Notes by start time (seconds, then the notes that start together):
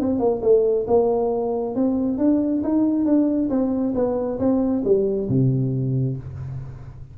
0.00 C4
0.19 A#3
0.42 A3
0.87 A#3
1.76 C4
2.18 D4
2.64 D#4
3.05 D4
3.50 C4
3.95 B3
4.39 C4
4.84 G3
5.29 C3